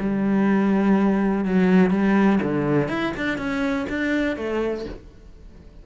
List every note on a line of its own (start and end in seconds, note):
0.00 1.45 G3
1.45 1.91 F#3
1.91 2.39 G3
2.43 2.89 D3
2.89 3.13 E4
3.17 3.38 D4
3.38 3.87 C#4
3.89 4.37 D4
4.37 4.85 A3